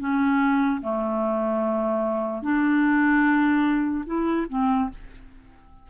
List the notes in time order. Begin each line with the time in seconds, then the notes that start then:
0.00 C#4
0.82 A3
2.43 D4
4.06 E4
4.49 C4